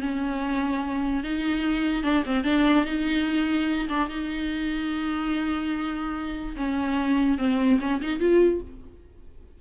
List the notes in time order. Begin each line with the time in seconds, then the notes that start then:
0.00 C#4
1.23 D#4
2.03 D4
2.25 C4
2.44 D4
2.85 D#4
3.88 D4
4.09 D#4
6.56 C#4
7.38 C4
7.80 C#4
8.01 D#4
8.19 F4